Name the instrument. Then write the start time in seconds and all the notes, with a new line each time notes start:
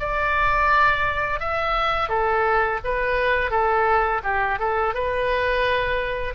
oboe
0.00 D5
1.41 E5
2.09 A4
2.85 B4
3.51 A4
4.24 G4
4.59 A4
4.95 B4